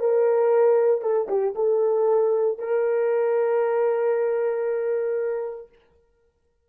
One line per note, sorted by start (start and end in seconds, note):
0.00 1.02 A#4
1.02 1.28 A4
1.28 1.54 G4
1.55 2.59 A4
2.59 5.69 A#4